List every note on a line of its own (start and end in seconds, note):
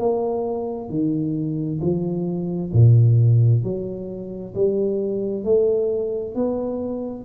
0.00 0.90 A#3
0.90 1.81 D#3
1.81 2.72 F3
2.73 3.64 A#2
3.64 4.55 F#3
4.55 5.44 G3
5.44 6.35 A3
6.36 7.25 B3